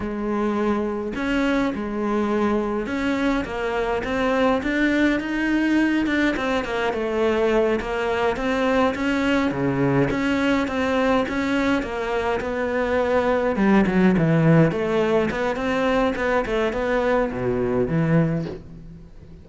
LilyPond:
\new Staff \with { instrumentName = "cello" } { \time 4/4 \tempo 4 = 104 gis2 cis'4 gis4~ | gis4 cis'4 ais4 c'4 | d'4 dis'4. d'8 c'8 ais8 | a4. ais4 c'4 cis'8~ |
cis'8 cis4 cis'4 c'4 cis'8~ | cis'8 ais4 b2 g8 | fis8 e4 a4 b8 c'4 | b8 a8 b4 b,4 e4 | }